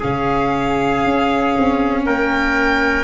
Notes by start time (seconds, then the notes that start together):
0.00 C#3 C#4 G#4 F5
1.05 C#4
1.58 C4
2.06 A#3 A#4 G5